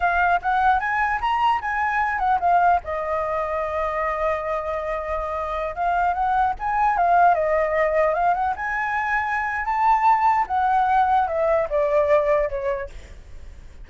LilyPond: \new Staff \with { instrumentName = "flute" } { \time 4/4 \tempo 4 = 149 f''4 fis''4 gis''4 ais''4 | gis''4. fis''8 f''4 dis''4~ | dis''1~ | dis''2~ dis''16 f''4 fis''8.~ |
fis''16 gis''4 f''4 dis''4.~ dis''16~ | dis''16 f''8 fis''8 gis''2~ gis''8. | a''2 fis''2 | e''4 d''2 cis''4 | }